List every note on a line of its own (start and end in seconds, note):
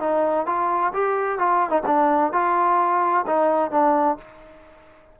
0.00 0.46 D#4
0.46 0.93 F4
0.93 1.39 G4
1.39 1.70 F4
1.70 1.82 D#4
1.86 2.33 D4
2.33 3.26 F4
3.27 3.71 D#4
3.71 4.18 D4